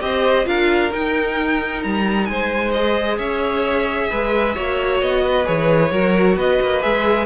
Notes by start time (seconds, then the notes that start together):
0.00 C4 G4 C5 D#5
0.45 D4 F4 A#4 F5
0.93 D#4 G5
1.83 G3 A#5
2.26 G#3 C5 G#5
2.72 G#4 D#5
3.18 C#4 C#5 E5
4.10 G#3 B4
4.55 A#3 F#4 C#5
5.02 B3 D#5
5.24 B4
5.45 E3 G#4 C#5
5.91 F#3 F#4 A#4
6.36 B3 B4 D#5
6.62 A#3
6.82 G#3 G#4 E5